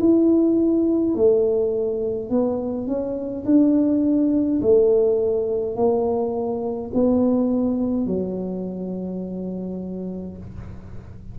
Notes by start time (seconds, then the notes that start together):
0.00 E4
1.15 A3
2.30 B3
2.87 C#4
3.46 D4
4.62 A3
5.76 A#3
6.94 B3
8.07 F#3